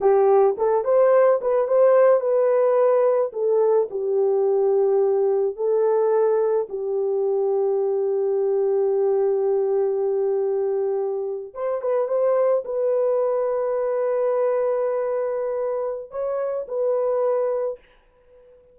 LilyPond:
\new Staff \with { instrumentName = "horn" } { \time 4/4 \tempo 4 = 108 g'4 a'8 c''4 b'8 c''4 | b'2 a'4 g'4~ | g'2 a'2 | g'1~ |
g'1~ | g'8. c''8 b'8 c''4 b'4~ b'16~ | b'1~ | b'4 cis''4 b'2 | }